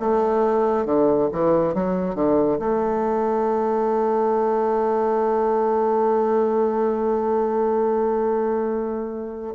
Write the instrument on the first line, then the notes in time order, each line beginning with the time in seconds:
bassoon
0.00 A3
0.85 D3
1.32 E3
1.74 F#3
2.15 D3
2.59 A3